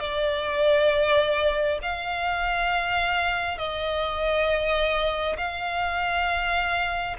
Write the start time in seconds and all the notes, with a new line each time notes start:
0.00 D5
1.82 F5
3.58 D#5
5.37 F5